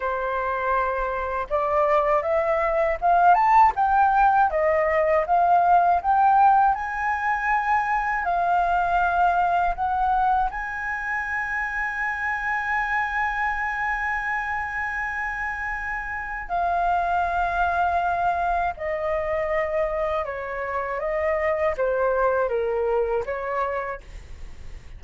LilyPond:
\new Staff \with { instrumentName = "flute" } { \time 4/4 \tempo 4 = 80 c''2 d''4 e''4 | f''8 a''8 g''4 dis''4 f''4 | g''4 gis''2 f''4~ | f''4 fis''4 gis''2~ |
gis''1~ | gis''2 f''2~ | f''4 dis''2 cis''4 | dis''4 c''4 ais'4 cis''4 | }